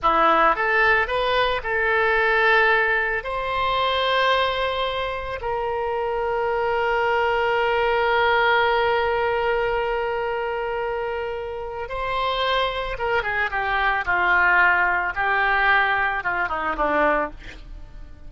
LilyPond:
\new Staff \with { instrumentName = "oboe" } { \time 4/4 \tempo 4 = 111 e'4 a'4 b'4 a'4~ | a'2 c''2~ | c''2 ais'2~ | ais'1~ |
ais'1~ | ais'2 c''2 | ais'8 gis'8 g'4 f'2 | g'2 f'8 dis'8 d'4 | }